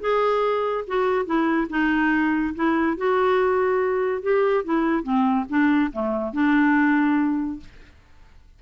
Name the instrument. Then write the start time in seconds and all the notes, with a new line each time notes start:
clarinet
0.00 G#4
0.87 F#4
1.25 E4
1.69 D#4
2.55 E4
2.97 F#4
4.22 G4
4.64 E4
5.03 C4
5.49 D4
5.92 A3
6.33 D4